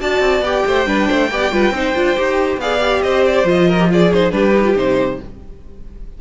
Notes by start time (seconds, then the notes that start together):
0.00 D4 F#4 D5 A5
0.20 C4
0.41 B3 G4 G5
0.66 A3 C5
0.86 G3 D4 B4
1.08 A3 C5
1.31 B3 G4 D5
1.52 G3 F4 B4
1.71 C4 D#4 C5
1.96 D4 F4
2.17 D#4 G4
2.57 B3 G#4 D5 F5
2.80 G4
3.02 C4 C5 D#5
3.26 D5
3.44 F3 F4 D#5
3.68 A#4
3.80 G4
3.88 F4 G#4 D5
4.13 D#4 C5
4.31 G3 D4 G4 B4
4.54 D#4
4.64 F4
4.75 C3 D#4 C5